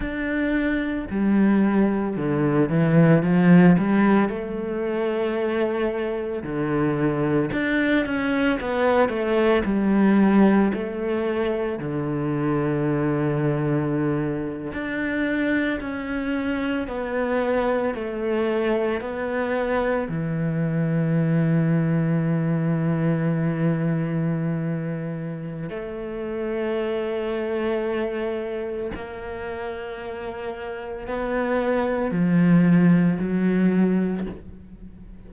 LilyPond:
\new Staff \with { instrumentName = "cello" } { \time 4/4 \tempo 4 = 56 d'4 g4 d8 e8 f8 g8 | a2 d4 d'8 cis'8 | b8 a8 g4 a4 d4~ | d4.~ d16 d'4 cis'4 b16~ |
b8. a4 b4 e4~ e16~ | e1 | a2. ais4~ | ais4 b4 f4 fis4 | }